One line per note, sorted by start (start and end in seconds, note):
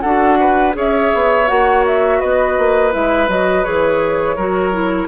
0.00 0.75 D4
0.00 0.72 F#4
0.00 0.38 A4
0.00 0.72 F#5
0.39 0.76 B4
0.72 1.11 C#4
0.72 1.44 G#4
0.72 2.19 C#5
0.78 1.48 E5
1.14 1.49 B3
1.47 2.22 A#3
1.47 2.91 F#4
1.47 1.84 F#5
1.86 2.20 E5
2.19 2.58 B3
2.19 4.35 B4
2.19 2.92 D#5
2.58 2.94 A#3
2.91 3.28 G#3
2.91 3.27 E4
2.91 3.29 E5
3.28 3.64 F#3
3.28 3.63 F#4
3.28 3.64 D#5
3.63 4.37 E3
3.63 4.36 G#4
3.63 5.08 C#5
4.35 5.08 F#3
4.35 4.72 F#4
4.35 5.08 A#4
4.72 5.08 E4